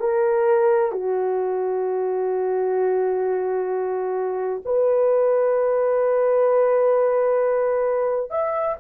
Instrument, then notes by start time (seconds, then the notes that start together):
horn
0.00 A#4
0.92 F#4
4.65 B4
8.30 E5